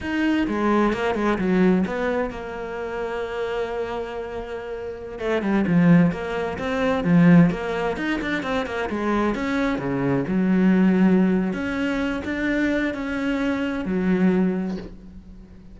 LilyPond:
\new Staff \with { instrumentName = "cello" } { \time 4/4 \tempo 4 = 130 dis'4 gis4 ais8 gis8 fis4 | b4 ais2.~ | ais2.~ ais16 a8 g16~ | g16 f4 ais4 c'4 f8.~ |
f16 ais4 dis'8 d'8 c'8 ais8 gis8.~ | gis16 cis'4 cis4 fis4.~ fis16~ | fis4 cis'4. d'4. | cis'2 fis2 | }